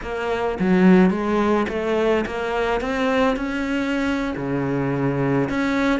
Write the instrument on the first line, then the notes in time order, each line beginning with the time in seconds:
cello
0.02 A#3
0.59 F#3
1.10 G#3
1.68 A3
2.26 A#3
2.80 C4
3.36 C#4
4.37 C#3
5.49 C#4